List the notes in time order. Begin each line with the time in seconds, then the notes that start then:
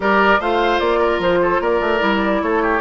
0.00 G3 G4 A#4 D5
0.39 A3 F4 C5 F5
0.79 A#3 D5
0.99 A#4
1.19 F3 C5
1.41 A4
1.60 A#3 A#4 D5
1.80 A3
1.98 G3 E4
2.42 A3 A4 C#5
2.62 G4